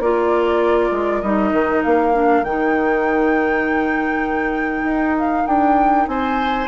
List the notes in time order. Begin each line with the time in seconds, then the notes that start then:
0.00 A#3 F4 A#4 D5
0.92 G#3
1.22 G3 D#4 D#5
1.52 D#3
1.84 A#3 F5
2.13 D4
2.44 D#3 D#4 G5
4.84 D#4
5.19 F5
5.47 D4 G5
6.08 C4 C5 G#5